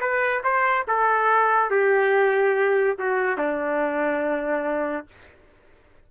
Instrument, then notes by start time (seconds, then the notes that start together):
trumpet
0.00 B4
0.43 C5
0.87 A4
1.70 G4
2.98 F#4
3.37 D4